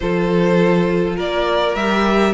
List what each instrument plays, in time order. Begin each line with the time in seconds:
0.00 cello F3, viola F4, violin A4 C5
1.16 cello A#3, violin A#4 D5
1.75 cello G3, viola G4, violin E5